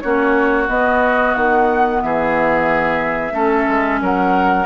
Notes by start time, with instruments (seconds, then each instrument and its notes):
0.00 bassoon A#3, clarinet C#4, oboe F#4, flute C#5
0.67 clarinet B3, bassoon B3, flute D#5
1.34 bassoon D#3, flute F#5
2.01 bassoon E3, oboe G#4, flute E5
3.31 bassoon A3, clarinet C#4, oboe A4
3.68 bassoon G#3
4.00 bassoon F#3, oboe A#4, flute F#5